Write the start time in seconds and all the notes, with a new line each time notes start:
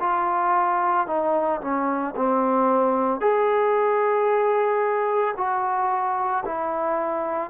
0.00 F4
1.07 D#4
1.61 C#4
2.16 C4
3.20 G#4
5.37 F#4
6.46 E4